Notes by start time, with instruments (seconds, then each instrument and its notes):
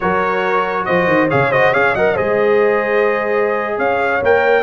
0.00 tuba F#3, trombone F#4, horn A#4, trumpet C#5
0.85 tuba F3, horn C5, trumpet D#5
1.07 tuba D#3
1.29 tuba C#3, trombone G#4, horn C#5, trumpet F5
1.50 trombone F#4, horn C5, trumpet D#5
1.72 tuba C#4, trombone G#4, horn C#5, trumpet F5
1.93 tuba F#3, trombone A#4, horn D#5, trumpet F#5
2.14 tuba G#3, trombone G#4, horn C5, trumpet D#5
3.77 tuba C#4, horn C#5, trumpet F5
4.21 tuba A#3, trombone A#4, trumpet G5